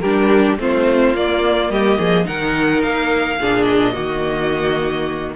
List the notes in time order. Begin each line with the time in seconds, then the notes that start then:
0.00 G3 D4 G4 A#4
0.58 A3 C4 F4 C5
1.14 A#3 D5
1.70 G3 G4 D#5
1.99 F3 G#4
2.25 D#3 D#4 A#4 F#5
2.82 A#3 F5
3.41 A#2 D4 G#4
3.64 D#5
3.94 D#3 A#3 F#4